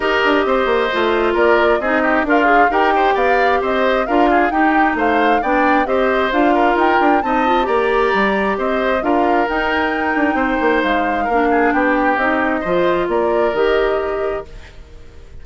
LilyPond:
<<
  \new Staff \with { instrumentName = "flute" } { \time 4/4 \tempo 4 = 133 dis''2. d''4 | dis''4 f''4 g''4 f''4 | dis''4 f''4 g''4 f''4 | g''4 dis''4 f''4 g''4 |
a''4 ais''2 dis''4 | f''4 g''2. | f''2 g''4 dis''4~ | dis''4 d''4 dis''2 | }
  \new Staff \with { instrumentName = "oboe" } { \time 4/4 ais'4 c''2 ais'4 | gis'8 g'8 f'4 ais'8 c''8 d''4 | c''4 ais'8 gis'8 g'4 c''4 | d''4 c''4. ais'4. |
dis''4 d''2 c''4 | ais'2. c''4~ | c''4 ais'8 gis'8 g'2 | c''4 ais'2. | }
  \new Staff \with { instrumentName = "clarinet" } { \time 4/4 g'2 f'2 | dis'4 ais'8 gis'8 g'2~ | g'4 f'4 dis'2 | d'4 g'4 f'2 |
dis'8 f'8 g'2. | f'4 dis'2.~ | dis'4 d'2 dis'4 | f'2 g'2 | }
  \new Staff \with { instrumentName = "bassoon" } { \time 4/4 dis'8 d'8 c'8 ais8 a4 ais4 | c'4 d'4 dis'4 b4 | c'4 d'4 dis'4 a4 | b4 c'4 d'4 dis'8 d'8 |
c'4 ais4 g4 c'4 | d'4 dis'4. d'8 c'8 ais8 | gis4 ais4 b4 c'4 | f4 ais4 dis2 | }
>>